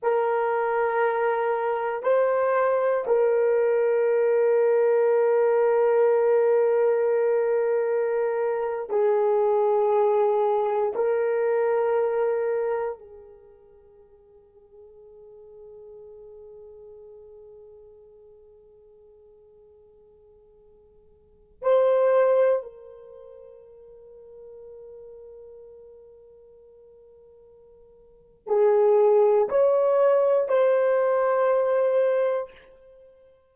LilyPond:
\new Staff \with { instrumentName = "horn" } { \time 4/4 \tempo 4 = 59 ais'2 c''4 ais'4~ | ais'1~ | ais'8. gis'2 ais'4~ ais'16~ | ais'8. gis'2.~ gis'16~ |
gis'1~ | gis'4~ gis'16 c''4 ais'4.~ ais'16~ | ais'1 | gis'4 cis''4 c''2 | }